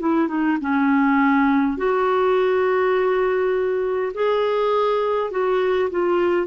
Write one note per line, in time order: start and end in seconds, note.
0.00 0.28 E4
0.28 0.58 D#4
0.61 1.78 C#4
1.78 4.13 F#4
4.14 5.31 G#4
5.31 5.90 F#4
5.91 6.48 F4